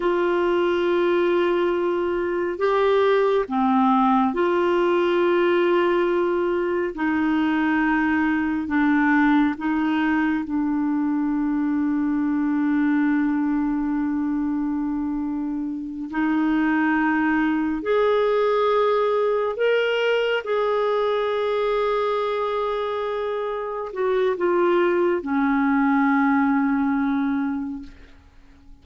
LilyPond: \new Staff \with { instrumentName = "clarinet" } { \time 4/4 \tempo 4 = 69 f'2. g'4 | c'4 f'2. | dis'2 d'4 dis'4 | d'1~ |
d'2~ d'8 dis'4.~ | dis'8 gis'2 ais'4 gis'8~ | gis'2.~ gis'8 fis'8 | f'4 cis'2. | }